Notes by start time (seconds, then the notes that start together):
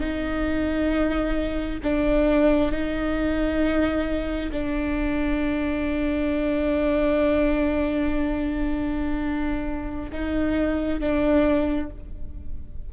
0.00 D#4
1.83 D4
2.71 D#4
4.51 D4
10.12 D#4
11.00 D4